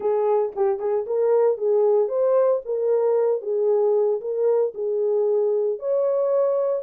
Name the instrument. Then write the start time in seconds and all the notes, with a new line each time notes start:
horn
0.00 G#4
0.55 G4
0.79 G#4
1.06 A#4
1.57 G#4
2.08 C5
2.65 A#4
3.41 G#4
4.20 A#4
4.74 G#4
5.79 C#5